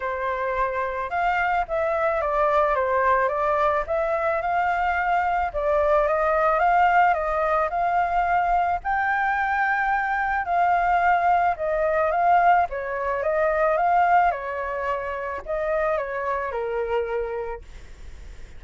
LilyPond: \new Staff \with { instrumentName = "flute" } { \time 4/4 \tempo 4 = 109 c''2 f''4 e''4 | d''4 c''4 d''4 e''4 | f''2 d''4 dis''4 | f''4 dis''4 f''2 |
g''2. f''4~ | f''4 dis''4 f''4 cis''4 | dis''4 f''4 cis''2 | dis''4 cis''4 ais'2 | }